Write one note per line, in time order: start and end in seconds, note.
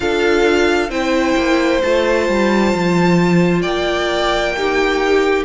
0.00 0.89 D4
0.00 0.90 F4
0.00 0.90 A4
0.00 0.90 F5
0.89 1.34 C4
0.89 1.81 E4
0.89 3.62 C5
0.89 1.81 G5
1.36 1.82 A#3
1.82 2.28 A3
1.82 4.56 F4
1.82 3.61 A5
2.28 2.74 G3
2.74 3.64 F3
3.61 5.45 A#3
3.61 4.52 D5
3.61 5.43 G5
4.56 5.45 D#4
4.56 5.45 G4